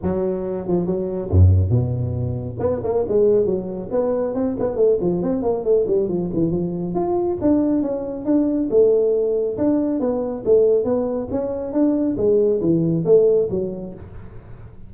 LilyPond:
\new Staff \with { instrumentName = "tuba" } { \time 4/4 \tempo 4 = 138 fis4. f8 fis4 fis,4 | b,2 b8 ais8 gis4 | fis4 b4 c'8 b8 a8 f8 | c'8 ais8 a8 g8 f8 e8 f4 |
f'4 d'4 cis'4 d'4 | a2 d'4 b4 | a4 b4 cis'4 d'4 | gis4 e4 a4 fis4 | }